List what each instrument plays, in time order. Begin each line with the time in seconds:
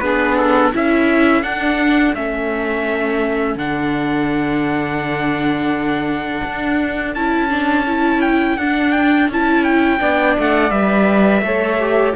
0.00 cello B3, viola D4, saxophone G#4, trumpet B4
0.37 trumpet A4
0.71 cello C#4, viola E4, saxophone A4, trumpet E5
1.43 cello D4, viola D4, trumpet F#5
2.15 cello A3, viola C#4, trumpet E5
3.55 cello D3, viola D4, trumpet F#5
6.44 cello D4
7.15 cello C#4, viola E4, trumpet A5
7.50 viola D4
7.87 viola E4
8.21 trumpet G5
8.57 cello D4, viola D4, trumpet F#5
8.92 trumpet G5
9.28 cello C#4, viola E4, trumpet A5
9.64 trumpet G5
9.99 cello B3, viola D4, saxophone D5
10.39 cello A3, trumpet F#5
10.71 cello G3, viola B4, trumpet E5
11.42 cello A3, viola A4, saxophone C#5
11.80 viola G4